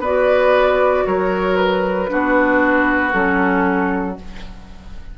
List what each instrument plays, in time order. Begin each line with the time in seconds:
0.00 bassoon B3, clarinet F#4, oboe B4, flute D5
1.07 bassoon F#3, oboe A#4, flute C#5
1.56 flute B4
2.08 bassoon B3, clarinet D4, oboe F#4
3.12 bassoon F#3, clarinet C#4, flute A4